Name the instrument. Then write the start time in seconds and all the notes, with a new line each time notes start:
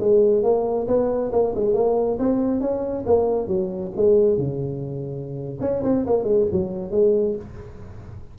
tuba
0.00 G#3
0.43 A#3
0.88 B3
1.32 A#3
1.55 G#3
1.74 A#3
2.19 C4
2.61 C#4
3.07 A#3
3.48 F#3
3.96 G#3
4.38 C#3
5.61 C#4
5.84 C4
6.06 A#3
6.24 G#3
6.52 F#3
6.91 G#3